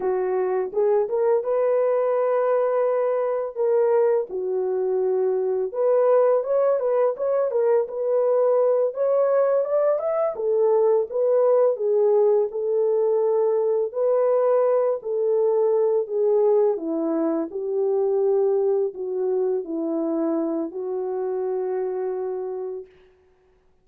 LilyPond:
\new Staff \with { instrumentName = "horn" } { \time 4/4 \tempo 4 = 84 fis'4 gis'8 ais'8 b'2~ | b'4 ais'4 fis'2 | b'4 cis''8 b'8 cis''8 ais'8 b'4~ | b'8 cis''4 d''8 e''8 a'4 b'8~ |
b'8 gis'4 a'2 b'8~ | b'4 a'4. gis'4 e'8~ | e'8 g'2 fis'4 e'8~ | e'4 fis'2. | }